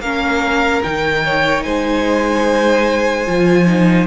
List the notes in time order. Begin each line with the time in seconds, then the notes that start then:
0.00 A#3 C#4 A#4 F5
0.84 D#3 D#4 G5
1.25 C#5
1.64 G#3 C5 G#5
3.27 F3 F4
3.67 D#4